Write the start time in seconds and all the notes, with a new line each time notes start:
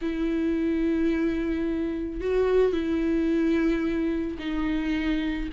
0.01 E4
2.20 F#4
2.72 E4
4.39 D#4